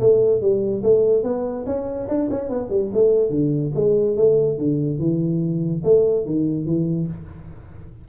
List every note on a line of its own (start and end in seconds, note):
0.00 0.41 A3
0.41 0.83 G3
0.83 1.23 A3
1.23 1.65 B3
1.66 2.08 C#4
2.08 2.29 D4
2.30 2.49 C#4
2.49 2.70 B3
2.70 2.91 G3
2.94 3.30 A3
3.30 3.72 D3
3.75 4.16 G#3
4.16 4.58 A3
4.58 4.99 D3
4.99 5.82 E3
5.84 6.26 A3
6.26 6.66 D#3
6.66 7.07 E3